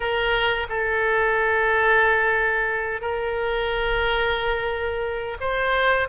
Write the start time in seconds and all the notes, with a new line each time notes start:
0.00 A#4
0.69 A4
3.01 A#4
5.40 C5